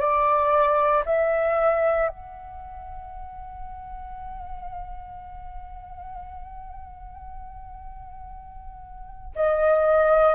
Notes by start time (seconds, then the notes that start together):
0.00 D5
1.05 E5
2.08 F#5
9.35 D#5